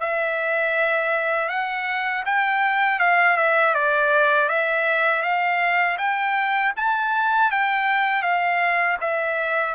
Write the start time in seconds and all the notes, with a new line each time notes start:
0.00 E5
1.49 F#5
2.25 G5
2.99 F5
3.37 E5
3.74 D5
4.49 E5
5.22 F5
5.98 G5
6.76 A5
7.51 G5
8.22 F5
9.01 E5